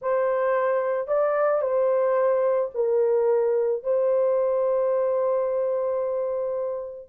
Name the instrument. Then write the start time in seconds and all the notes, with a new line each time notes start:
horn
0.01 C5
1.07 D5
1.61 C5
2.74 A#4
3.83 C5